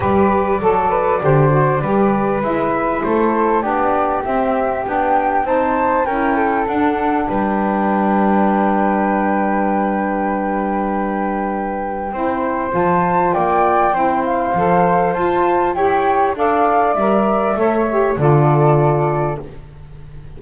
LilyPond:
<<
  \new Staff \with { instrumentName = "flute" } { \time 4/4 \tempo 4 = 99 d''1 | e''4 c''4 d''4 e''4 | g''4 a''4 g''4 fis''4 | g''1~ |
g''1~ | g''4 a''4 g''4. f''8~ | f''4 a''4 g''4 f''4 | e''2 d''2 | }
  \new Staff \with { instrumentName = "flute" } { \time 4/4 b'4 a'8 b'8 c''4 b'4~ | b'4 a'4 g'2~ | g'4 c''4 ais'8 a'4. | b'1~ |
b'1 | c''2 d''4 c''4~ | c''2 cis''4 d''4~ | d''4 cis''4 a'2 | }
  \new Staff \with { instrumentName = "saxophone" } { \time 4/4 g'4 a'4 g'8 fis'8 g'4 | e'2 d'4 c'4 | d'4 dis'4 e'4 d'4~ | d'1~ |
d'1 | e'4 f'2 e'4 | a'4 f'4 g'4 a'4 | ais'4 a'8 g'8 f'2 | }
  \new Staff \with { instrumentName = "double bass" } { \time 4/4 g4 fis4 d4 g4 | gis4 a4 b4 c'4 | b4 c'4 cis'4 d'4 | g1~ |
g1 | c'4 f4 ais4 c'4 | f4 f'4 e'4 d'4 | g4 a4 d2 | }
>>